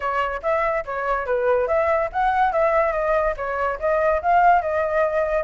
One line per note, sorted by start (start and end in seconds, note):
0.00 0.41 C#5
0.42 0.84 E5
0.85 1.26 C#5
1.26 1.67 B4
1.67 2.09 E5
2.12 2.52 F#5
2.52 2.92 E5
2.92 3.34 D#5
3.36 3.78 C#5
3.79 4.21 D#5
4.21 4.61 F5
4.61 5.43 D#5